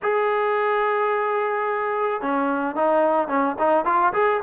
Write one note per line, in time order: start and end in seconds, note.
0.02 2.21 G#4
2.21 2.75 C#4
2.75 3.28 D#4
3.28 3.55 C#4
3.58 3.85 D#4
3.85 4.12 F4
4.13 4.40 G#4